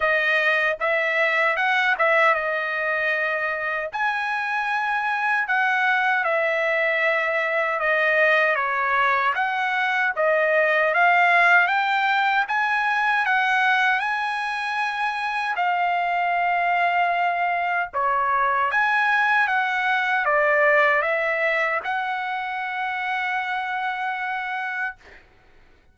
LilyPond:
\new Staff \with { instrumentName = "trumpet" } { \time 4/4 \tempo 4 = 77 dis''4 e''4 fis''8 e''8 dis''4~ | dis''4 gis''2 fis''4 | e''2 dis''4 cis''4 | fis''4 dis''4 f''4 g''4 |
gis''4 fis''4 gis''2 | f''2. cis''4 | gis''4 fis''4 d''4 e''4 | fis''1 | }